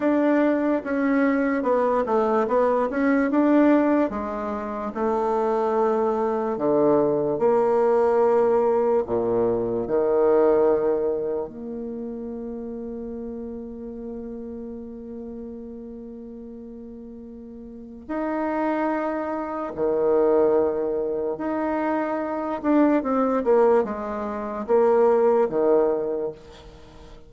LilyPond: \new Staff \with { instrumentName = "bassoon" } { \time 4/4 \tempo 4 = 73 d'4 cis'4 b8 a8 b8 cis'8 | d'4 gis4 a2 | d4 ais2 ais,4 | dis2 ais2~ |
ais1~ | ais2 dis'2 | dis2 dis'4. d'8 | c'8 ais8 gis4 ais4 dis4 | }